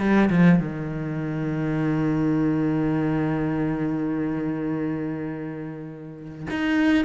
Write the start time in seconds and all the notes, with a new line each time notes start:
0.00 G3
0.30 F3
0.59 D#3
6.50 D#4